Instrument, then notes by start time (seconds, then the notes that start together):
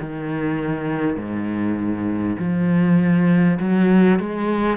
cello
0.00 D#3
1.16 G#2
2.39 F3
3.59 F#3
4.19 G#3